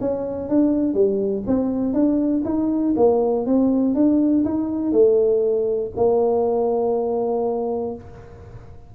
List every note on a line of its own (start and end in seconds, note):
0.00 0.48 C#4
0.48 0.94 D4
0.94 1.44 G3
1.47 1.93 C4
1.93 2.43 D4
2.44 2.94 D#4
2.96 3.46 A#3
3.46 3.94 C4
3.94 4.44 D4
4.45 4.92 D#4
4.92 5.91 A3
5.96 7.95 A#3